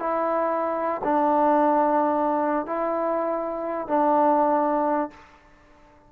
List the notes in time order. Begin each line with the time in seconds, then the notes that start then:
0.00 E4
1.04 D4
2.67 E4
3.88 D4